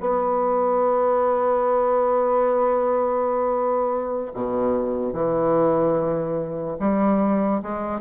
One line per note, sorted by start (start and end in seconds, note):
0.00 4.32 B3
4.34 5.13 B2
5.13 6.77 E3
6.80 7.62 G3
7.62 8.01 G#3